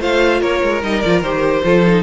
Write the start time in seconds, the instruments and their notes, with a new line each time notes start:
0.00 cello A3, viola F4, violin C5 F5
0.41 cello A#3, violin A#4 C#5
0.63 cello G#3
0.83 cello G3, viola D#4, violin D#5
1.01 cello F3, viola F4, violin D5
1.21 cello D#3, viola G4, violin C5
1.64 cello F3, viola F4, violin A4
1.87 viola D#4